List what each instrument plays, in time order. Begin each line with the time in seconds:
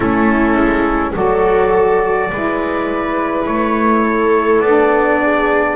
0.00 double bass A3, saxophone C#4, viola E4, trumpet A4
0.56 double bass G#3
1.14 double bass F#3, saxophone F#4, viola A4, trumpet D5
2.31 double bass G#3, saxophone E4, viola B4
3.45 double bass A3, trumpet C#5
4.03 viola A4
4.59 double bass B3, saxophone D4, trumpet D5
5.21 viola G#4